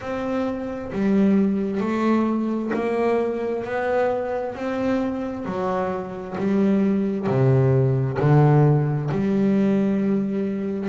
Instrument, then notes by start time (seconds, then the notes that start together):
double bass
0.00 C4
0.92 G3
1.80 A3
2.73 A#3
3.64 B3
4.55 C4
5.45 F#3
6.38 G3
7.26 C3
8.19 D3
9.11 G3